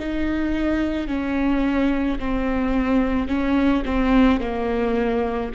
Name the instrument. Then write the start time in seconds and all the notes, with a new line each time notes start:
viola
0.00 D#4
1.08 C#4
2.20 C4
3.28 C#4
3.85 C4
4.41 A#3